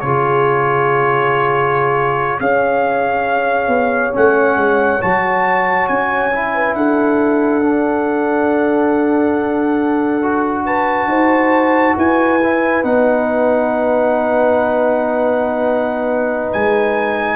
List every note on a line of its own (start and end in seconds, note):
0.00 2.40 C#3
0.00 2.40 F4
0.00 2.40 G#4
0.00 2.39 C#5
2.40 3.67 C#4
2.40 4.12 G#4
2.40 6.53 C#5
2.40 4.14 F5
3.67 4.11 B3
4.12 4.57 A3
4.12 4.99 C#4
4.12 5.01 F#5
4.57 5.00 G#3
5.01 5.89 F#3
5.01 6.31 F#4
5.01 5.87 A5
5.87 6.74 C#4
5.87 6.74 G#5
6.32 7.62 E4
6.54 6.76 B4
6.74 11.08 D4
6.74 10.65 A4
6.74 10.66 F#5
7.62 10.22 D4
10.22 12.40 F#4
10.65 11.08 B4
10.65 11.96 A5
11.08 11.95 D#4
11.08 11.96 C5
11.97 12.83 E4
11.97 17.36 B4
11.97 12.84 G#5
12.43 12.83 E4
12.83 16.53 B3
12.83 17.36 D#4
12.83 16.52 F#5
16.52 17.36 G#3
16.52 17.36 G#5